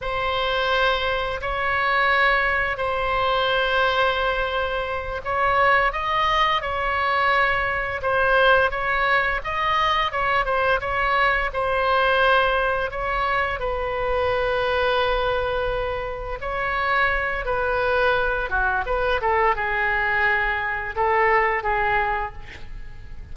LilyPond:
\new Staff \with { instrumentName = "oboe" } { \time 4/4 \tempo 4 = 86 c''2 cis''2 | c''2.~ c''8 cis''8~ | cis''8 dis''4 cis''2 c''8~ | c''8 cis''4 dis''4 cis''8 c''8 cis''8~ |
cis''8 c''2 cis''4 b'8~ | b'2.~ b'8 cis''8~ | cis''4 b'4. fis'8 b'8 a'8 | gis'2 a'4 gis'4 | }